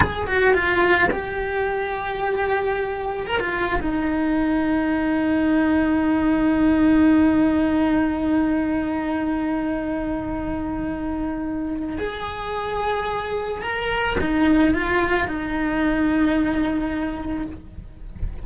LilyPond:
\new Staff \with { instrumentName = "cello" } { \time 4/4 \tempo 4 = 110 gis'8 fis'8 f'4 g'2~ | g'2 ais'16 f'8. dis'4~ | dis'1~ | dis'1~ |
dis'1~ | dis'2 gis'2~ | gis'4 ais'4 dis'4 f'4 | dis'1 | }